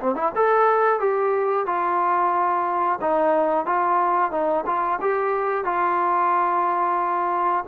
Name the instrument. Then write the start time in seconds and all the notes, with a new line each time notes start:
trombone
0.00 C4
0.15 E4
0.35 A4
1.00 G4
1.66 F4
3.01 D#4
3.66 F4
4.31 D#4
4.66 F4
5.01 G4
5.65 F4